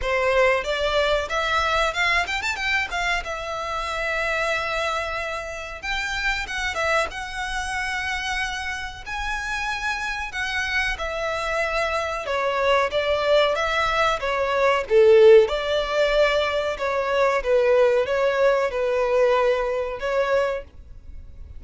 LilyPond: \new Staff \with { instrumentName = "violin" } { \time 4/4 \tempo 4 = 93 c''4 d''4 e''4 f''8 g''16 a''16 | g''8 f''8 e''2.~ | e''4 g''4 fis''8 e''8 fis''4~ | fis''2 gis''2 |
fis''4 e''2 cis''4 | d''4 e''4 cis''4 a'4 | d''2 cis''4 b'4 | cis''4 b'2 cis''4 | }